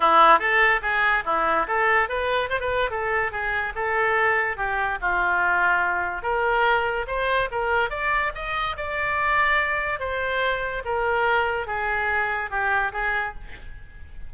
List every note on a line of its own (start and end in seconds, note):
0.00 0.39 E4
0.39 0.80 A4
0.82 1.23 G#4
1.25 1.66 E4
1.67 2.08 A4
2.08 2.49 B4
2.49 2.59 C5
2.59 2.90 B4
2.90 3.31 A4
3.31 3.73 G#4
3.75 4.56 A4
4.56 4.98 G4
5.01 6.22 F4
6.22 7.05 A#4
7.07 7.49 C5
7.51 7.90 A#4
7.90 8.31 D5
8.34 8.76 D#5
8.76 9.99 D5
9.99 10.82 C5
10.84 11.67 A#4
11.67 12.50 G#4
12.50 12.92 G4
12.92 13.34 G#4